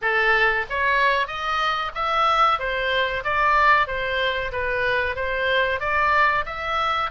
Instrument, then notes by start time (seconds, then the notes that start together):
oboe
0.01 A4
0.69 C#5
1.27 D#5
1.94 E5
2.59 C5
3.23 D5
3.87 C5
4.52 B4
5.15 C5
5.80 D5
6.45 E5